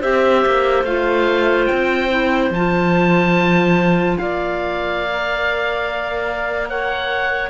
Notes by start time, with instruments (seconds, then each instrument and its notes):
0.00 cello C4, clarinet G4 C5, oboe E5
0.46 cello A#3
0.84 cello A3, clarinet F4, oboe F5
1.66 oboe G5
1.72 cello C4
2.10 clarinet E4
2.51 cello F3, clarinet F4, oboe A5
4.19 cello A#3, clarinet D5, oboe F5
5.06 clarinet A#4
6.69 clarinet C#5, oboe F#5